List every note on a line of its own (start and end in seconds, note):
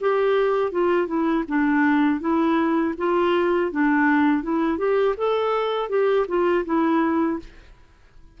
0.00 0.71 G4
0.71 1.07 F4
1.07 1.44 E4
1.48 2.20 D4
2.20 2.94 E4
2.97 3.71 F4
3.71 4.42 D4
4.42 4.77 E4
4.77 5.14 G4
5.17 5.89 A4
5.89 6.26 G4
6.27 6.64 F4
6.65 7.39 E4